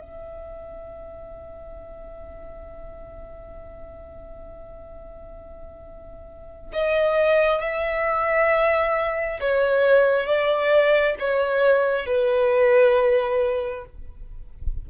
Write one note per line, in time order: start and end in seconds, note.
0.00 6.72 E5
6.73 7.61 D#5
7.61 9.40 E5
9.40 10.26 C#5
10.26 11.15 D5
11.19 12.06 C#5
12.06 13.85 B4